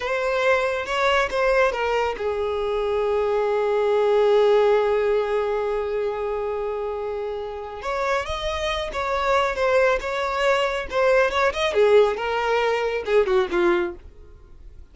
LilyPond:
\new Staff \with { instrumentName = "violin" } { \time 4/4 \tempo 4 = 138 c''2 cis''4 c''4 | ais'4 gis'2.~ | gis'1~ | gis'1~ |
gis'2 cis''4 dis''4~ | dis''8 cis''4. c''4 cis''4~ | cis''4 c''4 cis''8 dis''8 gis'4 | ais'2 gis'8 fis'8 f'4 | }